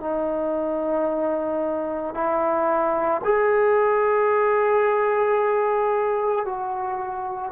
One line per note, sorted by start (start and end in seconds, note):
0.00 2.14 D#4
2.14 3.21 E4
3.24 6.45 G#4
6.45 7.52 F#4